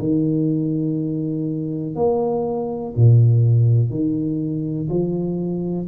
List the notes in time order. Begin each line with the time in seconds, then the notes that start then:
0.00 D#3
1.96 A#3
2.96 A#2
3.90 D#3
4.90 F3